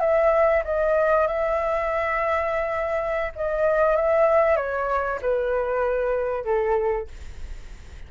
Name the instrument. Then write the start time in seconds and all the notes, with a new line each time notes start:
flute
0.00 E5
0.64 D#5
1.27 E5
3.36 D#5
3.96 E5
4.56 C#5
5.22 B4
6.44 A4